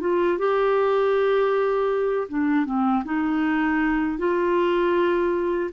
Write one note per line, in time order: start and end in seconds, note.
0.00 0.38 F4
0.38 2.28 G4
2.28 2.65 D4
2.65 3.03 C4
3.04 4.18 D#4
4.18 5.70 F4